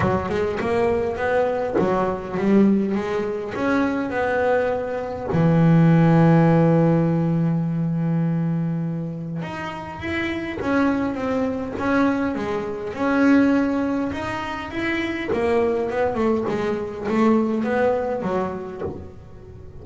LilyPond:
\new Staff \with { instrumentName = "double bass" } { \time 4/4 \tempo 4 = 102 fis8 gis8 ais4 b4 fis4 | g4 gis4 cis'4 b4~ | b4 e2.~ | e1 |
dis'4 e'4 cis'4 c'4 | cis'4 gis4 cis'2 | dis'4 e'4 ais4 b8 a8 | gis4 a4 b4 fis4 | }